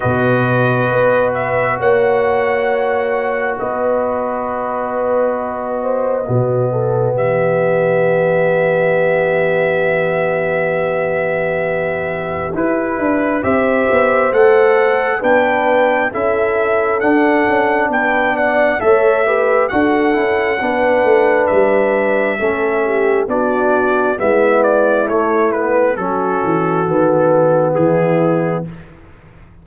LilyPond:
<<
  \new Staff \with { instrumentName = "trumpet" } { \time 4/4 \tempo 4 = 67 dis''4. e''8 fis''2 | dis''1 | e''1~ | e''2 b'4 e''4 |
fis''4 g''4 e''4 fis''4 | g''8 fis''8 e''4 fis''2 | e''2 d''4 e''8 d''8 | cis''8 b'8 a'2 gis'4 | }
  \new Staff \with { instrumentName = "horn" } { \time 4/4 b'2 cis''2 | b'2~ b'8 c''8 fis'8 a'8 | g'1~ | g'2. c''4~ |
c''4 b'4 a'2 | b'8 d''8 cis''8 b'8 a'4 b'4~ | b'4 a'8 g'8 fis'4 e'4~ | e'4 fis'2 e'4 | }
  \new Staff \with { instrumentName = "trombone" } { \time 4/4 fis'1~ | fis'2. b4~ | b1~ | b2 e'4 g'4 |
a'4 d'4 e'4 d'4~ | d'4 a'8 g'8 fis'8 e'8 d'4~ | d'4 cis'4 d'4 b4 | a8 b8 cis'4 b2 | }
  \new Staff \with { instrumentName = "tuba" } { \time 4/4 b,4 b4 ais2 | b2. b,4 | e1~ | e2 e'8 d'8 c'8 b8 |
a4 b4 cis'4 d'8 cis'8 | b4 a4 d'8 cis'8 b8 a8 | g4 a4 b4 gis4 | a4 fis8 e8 dis4 e4 | }
>>